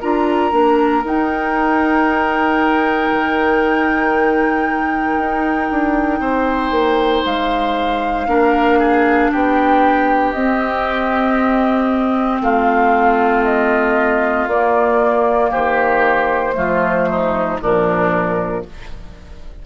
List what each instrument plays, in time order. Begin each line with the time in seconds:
0.00 bassoon D4, clarinet F4, oboe A#4, flute A#5
0.50 bassoon A#3, clarinet D4
1.03 bassoon D#4, clarinet D#4, flute G5
3.11 bassoon D#3
5.17 bassoon D#4
5.70 bassoon D4
6.19 bassoon C4, oboe C5
6.70 bassoon A#3
7.25 bassoon G#3, flute F5
8.27 bassoon A#3, clarinet D4, oboe A#4
8.79 oboe G#4
9.31 bassoon B3, oboe G4, flute G5
10.32 bassoon C4, clarinet C4, flute D#5
12.41 bassoon A3, oboe F4, flute F5
13.44 flute D#5
14.47 bassoon A#3, clarinet A#3, flute D5
15.50 bassoon D#3, oboe G4, flute C5
16.53 bassoon F3, clarinet A3, oboe F4
17.09 oboe D#4
17.60 bassoon A#2, clarinet F3, oboe D4, flute A#4